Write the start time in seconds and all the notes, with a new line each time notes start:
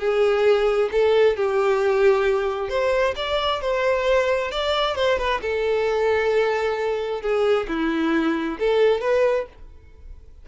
0.00 G#4
0.92 A4
1.37 G4
2.70 C5
3.17 D5
3.62 C5
4.52 D5
4.96 C5
5.19 B4
5.42 A4
7.22 G#4
7.68 E4
8.59 A4
9.01 B4